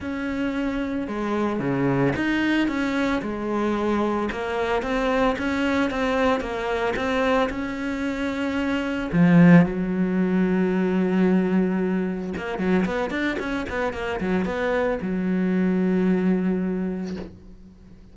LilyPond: \new Staff \with { instrumentName = "cello" } { \time 4/4 \tempo 4 = 112 cis'2 gis4 cis4 | dis'4 cis'4 gis2 | ais4 c'4 cis'4 c'4 | ais4 c'4 cis'2~ |
cis'4 f4 fis2~ | fis2. ais8 fis8 | b8 d'8 cis'8 b8 ais8 fis8 b4 | fis1 | }